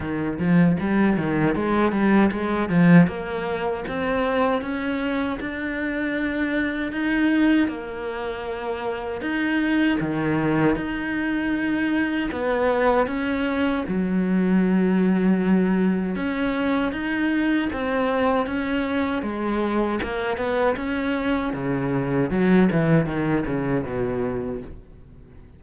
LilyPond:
\new Staff \with { instrumentName = "cello" } { \time 4/4 \tempo 4 = 78 dis8 f8 g8 dis8 gis8 g8 gis8 f8 | ais4 c'4 cis'4 d'4~ | d'4 dis'4 ais2 | dis'4 dis4 dis'2 |
b4 cis'4 fis2~ | fis4 cis'4 dis'4 c'4 | cis'4 gis4 ais8 b8 cis'4 | cis4 fis8 e8 dis8 cis8 b,4 | }